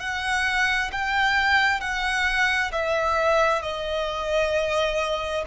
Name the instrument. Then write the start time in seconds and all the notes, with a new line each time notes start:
violin
0.00 F#5
0.93 G5
1.81 F#5
2.72 E5
3.62 D#5